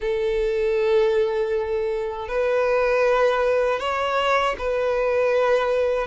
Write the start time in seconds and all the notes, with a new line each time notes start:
0.00 A4
2.28 B4
3.79 C#5
4.58 B4